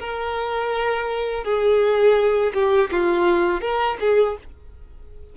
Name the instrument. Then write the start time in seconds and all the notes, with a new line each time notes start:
violin
0.00 A#4
1.45 G#4
2.54 G4
2.92 F4
3.61 A#4
4.01 G#4